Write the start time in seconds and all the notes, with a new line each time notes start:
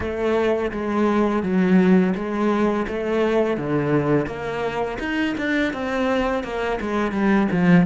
0.00 A3
0.71 G#3
1.42 F#3
2.15 G#3
2.87 A3
3.57 D3
4.26 A#3
4.99 D#4
5.37 D4
5.73 C4
6.43 A#3
6.81 G#3
7.11 G3
7.51 F3